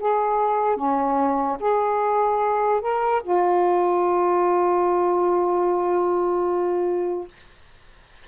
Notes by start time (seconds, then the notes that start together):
0.00 G#4
0.77 C#4
1.61 G#4
2.82 A#4
3.23 F4